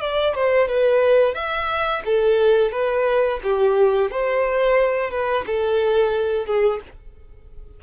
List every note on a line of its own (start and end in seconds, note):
0.00 0.34 D5
0.34 0.68 C5
0.68 1.34 B4
1.34 2.02 E5
2.05 2.71 A4
2.71 3.39 B4
3.43 4.11 G4
4.11 5.10 C5
5.10 5.45 B4
5.46 6.46 A4
6.46 6.80 G#4